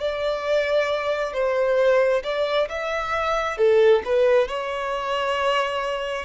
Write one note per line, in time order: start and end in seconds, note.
0.00 1.33 D5
1.33 2.23 C5
2.23 2.68 D5
2.69 3.58 E5
3.58 4.03 A4
4.05 4.48 B4
4.48 6.25 C#5